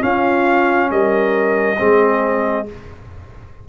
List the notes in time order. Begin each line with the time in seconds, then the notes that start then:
0.00 C#4 F4 F5
0.91 G3 A#4 D#5
1.78 G#3 C4 G#4